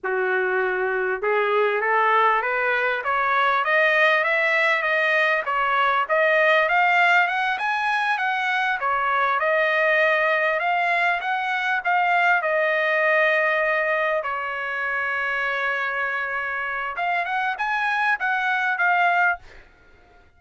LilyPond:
\new Staff \with { instrumentName = "trumpet" } { \time 4/4 \tempo 4 = 99 fis'2 gis'4 a'4 | b'4 cis''4 dis''4 e''4 | dis''4 cis''4 dis''4 f''4 | fis''8 gis''4 fis''4 cis''4 dis''8~ |
dis''4. f''4 fis''4 f''8~ | f''8 dis''2. cis''8~ | cis''1 | f''8 fis''8 gis''4 fis''4 f''4 | }